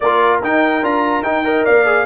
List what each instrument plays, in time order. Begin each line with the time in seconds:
0.00 tuba A#3, trombone F4, horn A#4, trumpet D5
0.42 tuba D#4, trombone D#4, trumpet G5
0.82 tuba D4, trombone F4, trumpet A#5
1.22 tuba D#4, trombone D#4, trumpet G5
1.44 trombone A#4, horn D#5
1.64 tuba A#3, horn D5, trumpet F5
1.85 trombone G#4